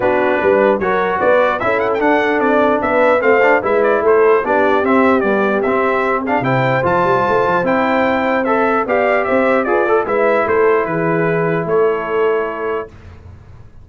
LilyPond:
<<
  \new Staff \with { instrumentName = "trumpet" } { \time 4/4 \tempo 4 = 149 b'2 cis''4 d''4 | e''8 fis''16 g''16 fis''4 d''4 e''4 | f''4 e''8 d''8 c''4 d''4 | e''4 d''4 e''4. f''8 |
g''4 a''2 g''4~ | g''4 e''4 f''4 e''4 | d''4 e''4 c''4 b'4~ | b'4 cis''2. | }
  \new Staff \with { instrumentName = "horn" } { \time 4/4 fis'4 b'4 ais'4 b'4 | a'2. b'4 | c''4 b'4 a'4 g'4~ | g'2.~ g'8 gis'8 |
c''1~ | c''2 d''4 c''4 | b'8 a'8 b'4 a'4 gis'4~ | gis'4 a'2. | }
  \new Staff \with { instrumentName = "trombone" } { \time 4/4 d'2 fis'2 | e'4 d'2. | c'8 d'8 e'2 d'4 | c'4 g4 c'4. d'8 |
e'4 f'2 e'4~ | e'4 a'4 g'2 | gis'8 a'8 e'2.~ | e'1 | }
  \new Staff \with { instrumentName = "tuba" } { \time 4/4 b4 g4 fis4 b4 | cis'4 d'4 c'4 b4 | a4 gis4 a4 b4 | c'4 b4 c'2 |
c4 f8 g8 a8 f8 c'4~ | c'2 b4 c'4 | f'4 gis4 a4 e4~ | e4 a2. | }
>>